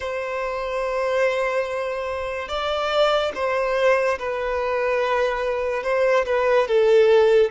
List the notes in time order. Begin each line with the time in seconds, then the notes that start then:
0.00 C5
2.48 D5
3.34 C5
4.19 B4
5.83 C5
6.25 B4
6.67 A4